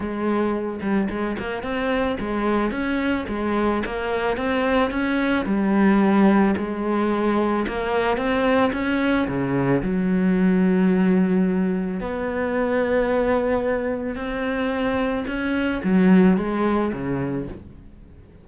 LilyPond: \new Staff \with { instrumentName = "cello" } { \time 4/4 \tempo 4 = 110 gis4. g8 gis8 ais8 c'4 | gis4 cis'4 gis4 ais4 | c'4 cis'4 g2 | gis2 ais4 c'4 |
cis'4 cis4 fis2~ | fis2 b2~ | b2 c'2 | cis'4 fis4 gis4 cis4 | }